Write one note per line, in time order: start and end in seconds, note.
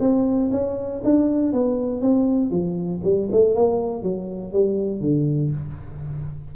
0.00 0.50 C4
0.52 1.02 C#4
1.05 1.53 D4
1.53 2.02 B3
2.02 2.51 C4
2.51 3.01 F3
3.04 3.29 G3
3.32 3.55 A3
3.55 4.03 A#3
4.03 4.53 F#3
4.53 5.01 G3
5.01 5.51 D3